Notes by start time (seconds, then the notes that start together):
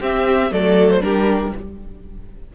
0.00 C4 G4 E5
0.51 F#3 A3 A4 D5
0.90 C5
1.01 G3 D4 G4 A#4